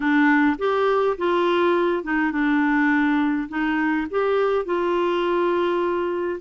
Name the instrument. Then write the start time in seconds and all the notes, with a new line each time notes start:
clarinet
0.00 D4
0.58 G4
1.17 F4
2.03 D#4
2.31 D4
3.48 D#4
4.10 G4
4.65 F4